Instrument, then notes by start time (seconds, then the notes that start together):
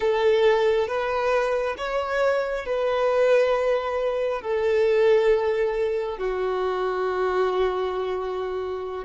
violin
0.00 A4
0.87 B4
1.77 C#5
2.65 B4
4.41 A4
6.18 F#4